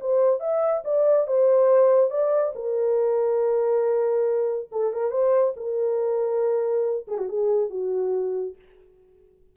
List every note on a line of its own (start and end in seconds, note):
0.00 0.40 C5
0.40 0.82 E5
0.84 1.27 D5
1.27 2.10 C5
2.10 2.53 D5
2.55 4.69 A#4
4.71 4.92 A4
4.92 5.10 A#4
5.10 5.53 C5
5.56 7.06 A#4
7.07 7.18 G#4
7.18 7.28 F#4
7.28 7.69 G#4
7.69 8.55 F#4